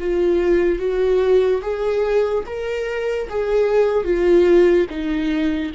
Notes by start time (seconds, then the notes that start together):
0.00 F4
0.79 F#4
1.62 G#4
2.46 A#4
3.30 G#4
4.05 F4
4.90 D#4